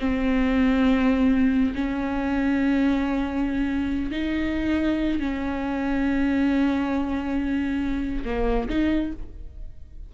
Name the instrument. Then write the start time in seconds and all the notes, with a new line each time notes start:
viola
0.00 C4
1.75 C#4
4.11 D#4
5.20 C#4
8.25 A#3
8.69 D#4